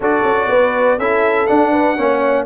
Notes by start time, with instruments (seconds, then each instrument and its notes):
0.00 tuba D4, trombone F#4, horn A4, trumpet D5
0.23 tuba C#4
0.48 tuba B3, horn B4
0.97 tuba C#4, trombone E4, horn A4, trumpet E5
1.46 trombone D4, tuba D4, trumpet F#5
1.71 horn B4
1.97 tuba A#3, trombone C#4, horn C#5